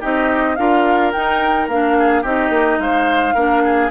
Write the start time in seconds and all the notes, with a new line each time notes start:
0.00 C4 D#4 G4 D#5
0.55 D4 F4 A#4 F5
1.12 D#4 G5
1.68 A#3 D4 F5
1.98 G#4
2.22 C4 D#4 G4 D#5
2.49 A#3
2.78 G#3 C5 F5
3.34 A#3 D4 A#4
3.64 G#4